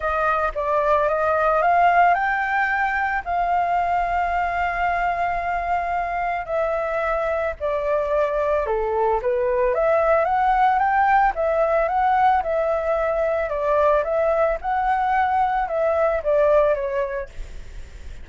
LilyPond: \new Staff \with { instrumentName = "flute" } { \time 4/4 \tempo 4 = 111 dis''4 d''4 dis''4 f''4 | g''2 f''2~ | f''1 | e''2 d''2 |
a'4 b'4 e''4 fis''4 | g''4 e''4 fis''4 e''4~ | e''4 d''4 e''4 fis''4~ | fis''4 e''4 d''4 cis''4 | }